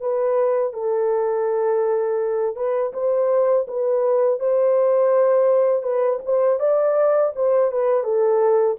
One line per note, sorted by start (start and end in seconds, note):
0.00 0.73 B4
0.73 2.56 A4
2.56 2.93 B4
2.93 3.67 C5
3.68 4.39 B4
4.39 5.83 C5
5.83 6.19 B4
6.25 6.60 C5
6.60 7.33 D5
7.35 7.72 C5
7.72 8.04 B4
8.04 8.77 A4